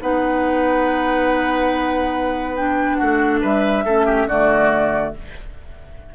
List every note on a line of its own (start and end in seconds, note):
0.00 3.01 B3
0.00 2.56 D#4
0.00 2.97 B4
0.00 2.56 F#5
2.56 3.85 D4
2.56 2.95 G5
2.95 3.43 A3
2.95 3.40 F#4
2.95 3.38 F#5
3.41 3.84 G3
3.41 3.84 B4
3.41 4.28 E5
3.84 4.26 A3
3.84 4.29 C#4
3.84 4.05 A4
4.05 4.27 G4
4.26 5.12 D3
4.26 5.14 A3
4.26 5.13 F#4
4.26 5.14 D5